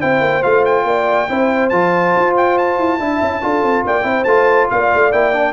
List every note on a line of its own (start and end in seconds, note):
0.00 0.21 C4
0.00 0.43 E4
0.00 0.85 C5
0.00 0.43 G5
0.21 0.42 A#3
0.43 0.85 A3
0.43 1.28 F4
0.43 0.64 F5
0.65 1.70 G5
0.85 1.27 A#3
0.85 1.30 D5
1.29 1.72 C4
1.29 1.72 E4
1.29 3.00 C5
1.70 2.15 F3
1.70 2.99 F4
1.70 2.33 A5
2.16 2.79 F4
2.37 2.58 G5
2.58 3.86 A5
2.79 3.00 E4
2.99 3.21 D4
2.99 3.42 E4
2.99 3.42 E5
3.22 3.43 C#4
3.42 3.62 D4
3.42 4.03 F4
3.42 3.86 A4
3.62 3.84 C4
3.85 4.04 A#3
3.85 4.06 D5
3.85 4.24 G5
4.03 4.25 C4
4.03 4.24 E4
4.03 4.70 C5
4.24 4.68 A3
4.24 5.12 F4
4.24 4.67 A5
4.70 4.93 A#3
4.70 5.53 D5
4.70 5.12 F5
4.94 5.12 A3
5.12 5.53 A#3
5.12 5.33 E4
5.12 5.53 G5
5.33 5.53 D4